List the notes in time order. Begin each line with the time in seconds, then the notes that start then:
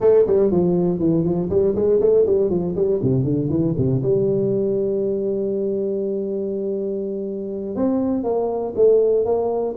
0.00 A3
0.27 G3
0.51 F3
0.99 E3
1.24 F3
1.49 G3
1.75 G#3
2.00 A3
2.25 G3
2.50 F3
2.75 G3
3.02 C3
3.24 D3
3.49 E3
3.77 C3
4.02 G3
7.75 C4
8.23 A#3
8.75 A3
9.25 A#3